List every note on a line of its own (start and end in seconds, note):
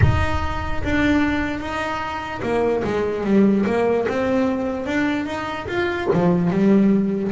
0.02 0.83 D#4
0.83 1.60 D4
1.60 2.41 D#4
2.42 2.82 A#3
2.84 3.24 G#3
3.24 3.65 G3
3.66 4.06 A#3
4.08 4.85 C4
4.85 5.26 D4
5.26 5.66 D#4
5.67 6.08 F4
6.13 6.50 F3
6.50 7.31 G3